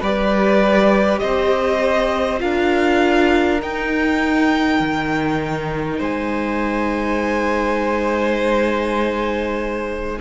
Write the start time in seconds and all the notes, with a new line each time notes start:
0.00 G3 G4 B4 D5
1.19 C4 C5 D#5
2.39 D4 F4 A#4 F5
3.61 D#4 G5
4.79 D#3
5.99 G#3 C5 G#5